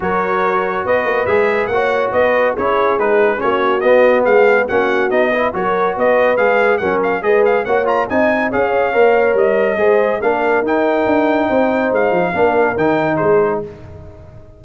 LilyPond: <<
  \new Staff \with { instrumentName = "trumpet" } { \time 4/4 \tempo 4 = 141 cis''2 dis''4 e''4 | fis''4 dis''4 cis''4 b'4 | cis''4 dis''4 f''4 fis''4 | dis''4 cis''4 dis''4 f''4 |
fis''8 f''8 dis''8 f''8 fis''8 ais''8 gis''4 | f''2 dis''2 | f''4 g''2. | f''2 g''4 c''4 | }
  \new Staff \with { instrumentName = "horn" } { \time 4/4 ais'2 b'2 | cis''4 b'4 gis'2 | fis'2 gis'4 fis'4~ | fis'8 b'8 ais'4 b'2 |
ais'4 b'4 cis''4 dis''4 | cis''2. c''4 | ais'2. c''4~ | c''4 ais'2 gis'4 | }
  \new Staff \with { instrumentName = "trombone" } { \time 4/4 fis'2. gis'4 | fis'2 e'4 dis'4 | cis'4 b2 cis'4 | dis'8 e'8 fis'2 gis'4 |
cis'4 gis'4 fis'8 f'8 dis'4 | gis'4 ais'2 gis'4 | d'4 dis'2.~ | dis'4 d'4 dis'2 | }
  \new Staff \with { instrumentName = "tuba" } { \time 4/4 fis2 b8 ais8 gis4 | ais4 b4 cis'4 gis4 | ais4 b4 gis4 ais4 | b4 fis4 b4 gis4 |
fis4 gis4 ais4 c'4 | cis'4 ais4 g4 gis4 | ais4 dis'4 d'4 c'4 | gis8 f8 ais4 dis4 gis4 | }
>>